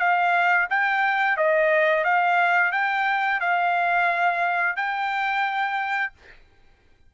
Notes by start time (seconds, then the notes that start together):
0.00 F5
0.70 G5
1.37 D#5
2.05 F5
2.72 G5
3.41 F5
4.77 G5